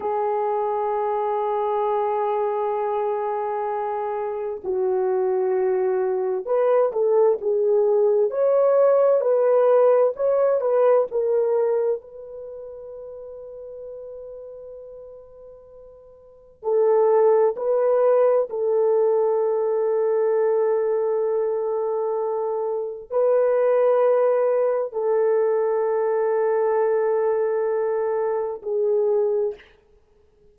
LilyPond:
\new Staff \with { instrumentName = "horn" } { \time 4/4 \tempo 4 = 65 gis'1~ | gis'4 fis'2 b'8 a'8 | gis'4 cis''4 b'4 cis''8 b'8 | ais'4 b'2.~ |
b'2 a'4 b'4 | a'1~ | a'4 b'2 a'4~ | a'2. gis'4 | }